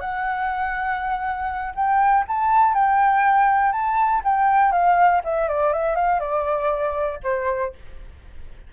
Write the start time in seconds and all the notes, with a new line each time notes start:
0.00 F#5
1.75 G5
2.27 A5
2.74 G5
3.72 A5
4.24 G5
4.72 F5
5.24 E5
5.48 D5
5.73 E5
5.95 F5
6.19 D5
7.23 C5